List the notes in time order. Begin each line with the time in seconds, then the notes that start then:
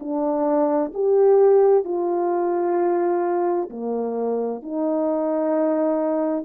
0.00 D4
0.94 G4
1.85 F4
3.70 A#3
4.62 D#4